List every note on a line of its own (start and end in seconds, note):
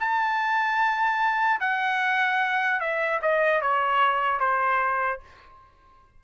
0.00 1.60 A5
1.60 2.80 F#5
2.80 3.20 E5
3.22 3.61 D#5
3.61 4.40 C#5
4.40 5.20 C5